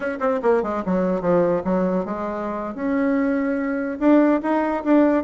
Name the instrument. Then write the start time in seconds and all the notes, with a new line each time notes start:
bassoon
0.00 C#4
0.20 C4
0.42 A#3
0.62 G#3
0.85 F#3
1.21 F3
1.64 F#3
2.05 G#3
2.75 C#4
3.99 D4
4.42 D#4
4.84 D4